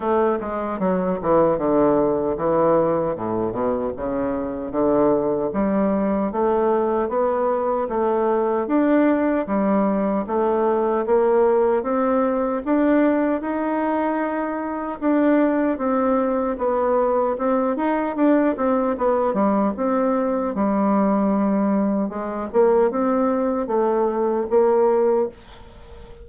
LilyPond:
\new Staff \with { instrumentName = "bassoon" } { \time 4/4 \tempo 4 = 76 a8 gis8 fis8 e8 d4 e4 | a,8 b,8 cis4 d4 g4 | a4 b4 a4 d'4 | g4 a4 ais4 c'4 |
d'4 dis'2 d'4 | c'4 b4 c'8 dis'8 d'8 c'8 | b8 g8 c'4 g2 | gis8 ais8 c'4 a4 ais4 | }